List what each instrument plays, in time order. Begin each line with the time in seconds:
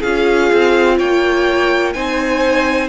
0.00 cello C#4, viola F4, violin G#4 F5
0.52 cello C4
0.98 cello A#3, violin C#5 G5
1.93 cello C4, viola D#4, violin C5 G#5